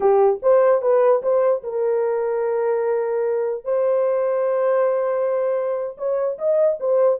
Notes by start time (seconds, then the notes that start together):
0.00 G4
0.42 C5
0.81 B4
1.22 C5
1.63 A#4
3.64 C5
5.97 C#5
6.38 D#5
6.80 C5